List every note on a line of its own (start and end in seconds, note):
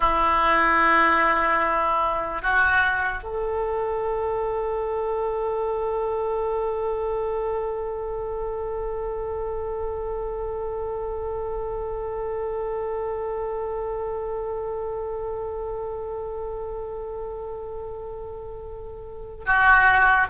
0.00 2.42 E4
2.42 3.23 F#4
3.23 19.44 A4
19.45 20.26 F#4